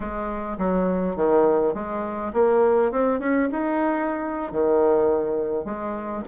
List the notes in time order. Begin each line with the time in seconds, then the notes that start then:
0.00 G#3
0.57 F#3
1.16 D#3
1.74 G#3
2.33 A#3
2.91 C4
3.19 C#4
3.51 D#4
4.52 D#3
5.65 G#3